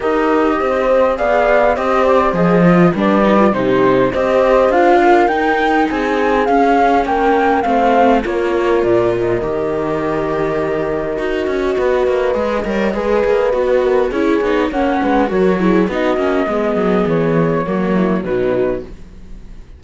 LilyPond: <<
  \new Staff \with { instrumentName = "flute" } { \time 4/4 \tempo 4 = 102 dis''2 f''4 dis''8 d''8 | dis''4 d''4 c''4 dis''4 | f''4 g''4 gis''4 f''4 | g''4 f''4 cis''4 d''8 dis''8~ |
dis''1~ | dis''1 | cis''4 fis''4 cis''4 dis''4~ | dis''4 cis''2 b'4 | }
  \new Staff \with { instrumentName = "horn" } { \time 4/4 ais'4 c''4 d''4 c''4~ | c''4 b'4 g'4 c''4~ | c''8 ais'4. gis'2 | ais'4 c''4 ais'2~ |
ais'1 | b'4. cis''8 b'4. ais'8 | gis'4 cis''8 b'8 ais'8 gis'8 fis'4 | gis'2 fis'8 e'8 dis'4 | }
  \new Staff \with { instrumentName = "viola" } { \time 4/4 g'2 gis'4 g'4 | gis'8 f'8 d'8 dis'16 f'16 dis'4 g'4 | f'4 dis'2 cis'4~ | cis'4 c'4 f'2 |
g'2. fis'4~ | fis'4 gis'8 ais'8 gis'4 fis'4 | e'8 dis'8 cis'4 fis'8 e'8 dis'8 cis'8 | b2 ais4 fis4 | }
  \new Staff \with { instrumentName = "cello" } { \time 4/4 dis'4 c'4 b4 c'4 | f4 g4 c4 c'4 | d'4 dis'4 c'4 cis'4 | ais4 a4 ais4 ais,4 |
dis2. dis'8 cis'8 | b8 ais8 gis8 g8 gis8 ais8 b4 | cis'8 b8 ais8 gis8 fis4 b8 ais8 | gis8 fis8 e4 fis4 b,4 | }
>>